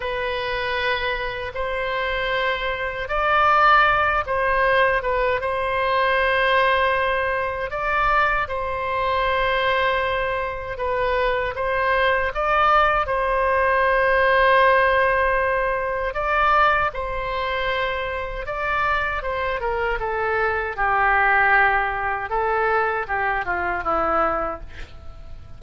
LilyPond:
\new Staff \with { instrumentName = "oboe" } { \time 4/4 \tempo 4 = 78 b'2 c''2 | d''4. c''4 b'8 c''4~ | c''2 d''4 c''4~ | c''2 b'4 c''4 |
d''4 c''2.~ | c''4 d''4 c''2 | d''4 c''8 ais'8 a'4 g'4~ | g'4 a'4 g'8 f'8 e'4 | }